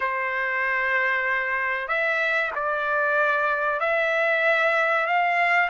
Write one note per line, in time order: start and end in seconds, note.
0.00 1.87 C5
1.87 2.51 E5
2.55 3.80 D5
3.80 5.06 E5
5.06 5.69 F5